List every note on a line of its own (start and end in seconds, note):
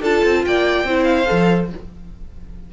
0.00 0.22 D4
0.00 0.87 F4
0.00 0.42 A4
0.00 0.45 A5
0.24 0.45 C4
0.45 0.84 A#3
0.45 0.87 D5
0.45 1.03 G5
0.84 1.25 C4
0.84 1.26 E4
0.84 1.70 C5
1.03 1.66 F5
1.26 1.73 F3
1.26 1.67 A4